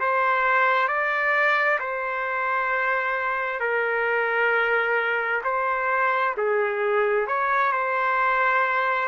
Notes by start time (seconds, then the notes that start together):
0.00 C5
0.88 D5
1.79 C5
3.60 A#4
5.44 C5
6.37 G#4
7.27 C#5
7.71 C5